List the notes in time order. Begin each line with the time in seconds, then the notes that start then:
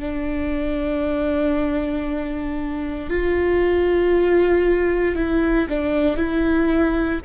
0.00 D4
3.10 F4
5.16 E4
5.69 D4
6.17 E4